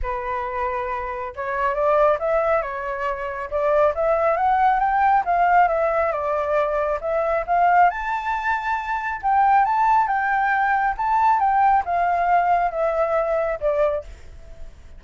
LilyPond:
\new Staff \with { instrumentName = "flute" } { \time 4/4 \tempo 4 = 137 b'2. cis''4 | d''4 e''4 cis''2 | d''4 e''4 fis''4 g''4 | f''4 e''4 d''2 |
e''4 f''4 a''2~ | a''4 g''4 a''4 g''4~ | g''4 a''4 g''4 f''4~ | f''4 e''2 d''4 | }